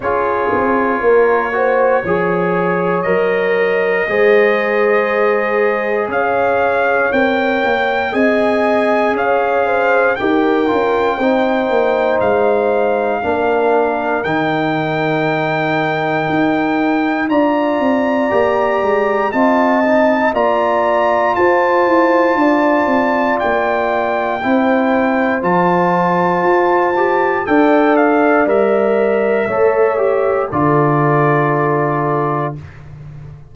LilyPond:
<<
  \new Staff \with { instrumentName = "trumpet" } { \time 4/4 \tempo 4 = 59 cis''2. dis''4~ | dis''2 f''4 g''4 | gis''4 f''4 g''2 | f''2 g''2~ |
g''4 ais''2 a''4 | ais''4 a''2 g''4~ | g''4 a''2 g''8 f''8 | e''2 d''2 | }
  \new Staff \with { instrumentName = "horn" } { \time 4/4 gis'4 ais'8 c''8 cis''2 | c''2 cis''2 | dis''4 cis''8 c''8 ais'4 c''4~ | c''4 ais'2.~ |
ais'4 d''2 dis''4 | d''4 c''4 d''2 | c''2. d''4~ | d''4 cis''4 a'2 | }
  \new Staff \with { instrumentName = "trombone" } { \time 4/4 f'4. fis'8 gis'4 ais'4 | gis'2. ais'4 | gis'2 g'8 f'8 dis'4~ | dis'4 d'4 dis'2~ |
dis'4 f'4 g'4 f'8 dis'8 | f'1 | e'4 f'4. g'8 a'4 | ais'4 a'8 g'8 f'2 | }
  \new Staff \with { instrumentName = "tuba" } { \time 4/4 cis'8 c'8 ais4 f4 fis4 | gis2 cis'4 c'8 ais8 | c'4 cis'4 dis'8 cis'8 c'8 ais8 | gis4 ais4 dis2 |
dis'4 d'8 c'8 ais8 gis8 c'4 | ais4 f'8 e'8 d'8 c'8 ais4 | c'4 f4 f'4 d'4 | g4 a4 d2 | }
>>